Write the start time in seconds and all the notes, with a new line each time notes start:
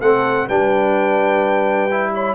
0.00 A3 C4 A4 F#5
0.46 G3 D4 B4 G5
1.91 E4
2.13 C#5 B5